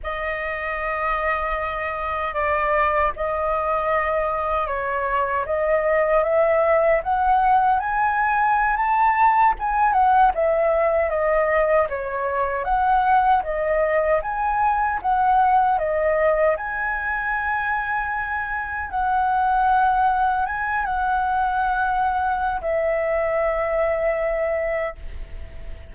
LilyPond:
\new Staff \with { instrumentName = "flute" } { \time 4/4 \tempo 4 = 77 dis''2. d''4 | dis''2 cis''4 dis''4 | e''4 fis''4 gis''4~ gis''16 a''8.~ | a''16 gis''8 fis''8 e''4 dis''4 cis''8.~ |
cis''16 fis''4 dis''4 gis''4 fis''8.~ | fis''16 dis''4 gis''2~ gis''8.~ | gis''16 fis''2 gis''8 fis''4~ fis''16~ | fis''4 e''2. | }